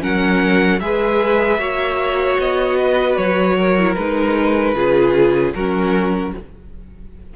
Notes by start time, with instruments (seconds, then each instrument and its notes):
0.00 cello F#3, viola C#4, violin A#4 F#5
0.80 cello G#3, viola G#4, violin B4 E5
1.58 cello A#3, viola F#4, violin C#5
2.39 cello B3, violin D#5
2.78 violin B4
3.17 cello F#3, violin C#5
3.57 violin A#4
3.78 viola E4
3.94 cello G#3, viola D#4, violin B4
4.75 cello C#3, viola F4, violin G#4
5.54 cello F#3, viola C#4, violin F#4 A#4